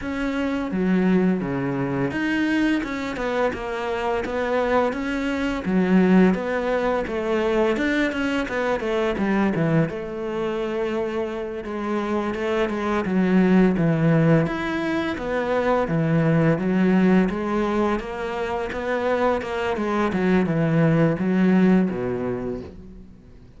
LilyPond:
\new Staff \with { instrumentName = "cello" } { \time 4/4 \tempo 4 = 85 cis'4 fis4 cis4 dis'4 | cis'8 b8 ais4 b4 cis'4 | fis4 b4 a4 d'8 cis'8 | b8 a8 g8 e8 a2~ |
a8 gis4 a8 gis8 fis4 e8~ | e8 e'4 b4 e4 fis8~ | fis8 gis4 ais4 b4 ais8 | gis8 fis8 e4 fis4 b,4 | }